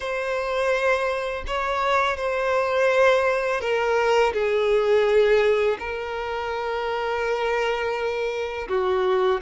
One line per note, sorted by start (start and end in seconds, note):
0.00 1.44 C5
1.47 2.17 C#5
2.17 3.60 C5
3.60 4.32 A#4
4.33 5.77 G#4
5.79 8.68 A#4
8.68 9.40 F#4